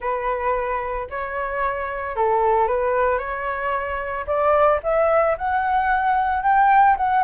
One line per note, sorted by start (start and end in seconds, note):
0.00 1.08 B4
1.10 2.16 C#5
2.16 2.67 A4
2.67 3.18 B4
3.18 4.25 C#5
4.26 4.80 D5
4.83 5.36 E5
5.37 6.42 F#5
6.42 6.96 G5
6.97 7.23 F#5